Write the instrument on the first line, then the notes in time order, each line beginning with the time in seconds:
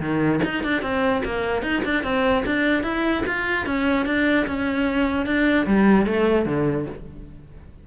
cello
0.00 D#3
0.44 D#4
0.64 D4
0.82 C4
1.25 A#3
1.62 D#4
1.84 D4
2.04 C4
2.46 D4
2.83 E4
3.26 F4
3.66 C#4
4.06 D4
4.47 C#4
5.26 D4
5.67 G3
6.06 A3
6.46 D3